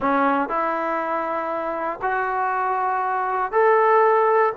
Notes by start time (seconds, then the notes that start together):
0.00 C#4
0.48 E4
2.02 F#4
3.52 A4